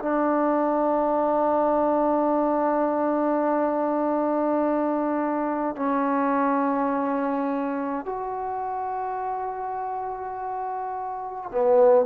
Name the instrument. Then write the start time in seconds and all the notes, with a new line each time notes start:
trombone
0.00 D4
5.76 C#4
8.06 F#4
11.52 B3